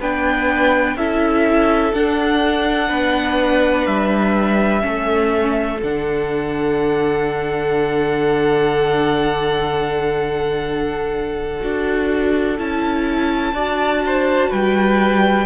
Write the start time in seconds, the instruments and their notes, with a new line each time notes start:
0.00 cello B3, viola D4, violin B4 G5
0.95 cello C#4, viola E4, violin A4 E5
1.93 cello D4, viola D4, violin F#5
2.88 cello B3, violin B4
3.86 cello G3, violin E5
4.80 cello A3, viola C#4, violin A4
5.82 cello D3, viola D4, violin F#5
11.60 cello D4, viola F#4
12.58 cello C#4, viola E4, violin A5
13.53 cello D4, viola F#4, violin D5
14.06 violin C5
14.49 cello G3, violin B4 G5